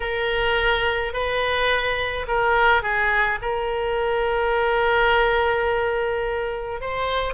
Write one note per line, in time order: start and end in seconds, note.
0.00 1.13 A#4
1.13 2.26 B4
2.27 2.82 A#4
2.82 3.39 G#4
3.41 6.81 A#4
6.81 7.34 C5